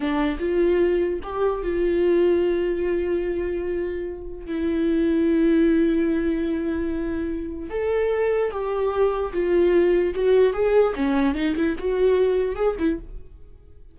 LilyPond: \new Staff \with { instrumentName = "viola" } { \time 4/4 \tempo 4 = 148 d'4 f'2 g'4 | f'1~ | f'2. e'4~ | e'1~ |
e'2. a'4~ | a'4 g'2 f'4~ | f'4 fis'4 gis'4 cis'4 | dis'8 e'8 fis'2 gis'8 e'8 | }